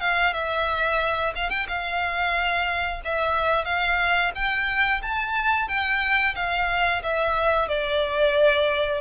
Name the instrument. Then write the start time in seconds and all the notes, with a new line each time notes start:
violin
0.00 F5
0.33 E5
1.35 F5
1.50 G5
1.68 F5
3.05 E5
3.65 F5
4.35 G5
5.02 A5
5.68 G5
6.35 F5
7.03 E5
7.68 D5